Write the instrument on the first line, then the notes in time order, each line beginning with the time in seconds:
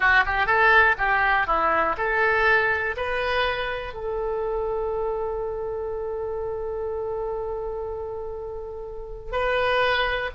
oboe
0.00 F#4
0.25 G4
0.46 A4
0.98 G4
1.46 E4
1.97 A4
2.96 B4
3.93 A4
9.32 B4